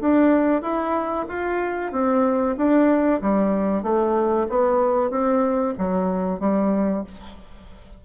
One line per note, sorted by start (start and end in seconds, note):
0.00 0.62 D4
0.62 1.25 E4
1.28 1.92 F4
1.92 2.56 C4
2.57 3.21 D4
3.21 3.83 G3
3.83 4.47 A3
4.49 5.10 B3
5.10 5.74 C4
5.78 6.39 F#3
6.39 7.03 G3